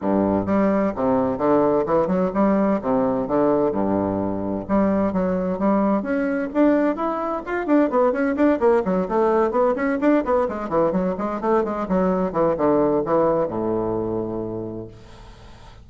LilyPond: \new Staff \with { instrumentName = "bassoon" } { \time 4/4 \tempo 4 = 129 g,4 g4 c4 d4 | e8 fis8 g4 c4 d4 | g,2 g4 fis4 | g4 cis'4 d'4 e'4 |
f'8 d'8 b8 cis'8 d'8 ais8 fis8 a8~ | a8 b8 cis'8 d'8 b8 gis8 e8 fis8 | gis8 a8 gis8 fis4 e8 d4 | e4 a,2. | }